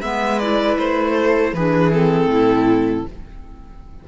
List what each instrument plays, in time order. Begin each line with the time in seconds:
0.00 cello G#3, clarinet B3, viola B4, violin E5
0.39 clarinet E4, violin D5
0.78 cello A3, violin C5
1.13 viola A4
1.53 cello E3, clarinet D4, viola G#4, violin B4
1.91 clarinet C4, violin A4
2.26 cello A2, viola E4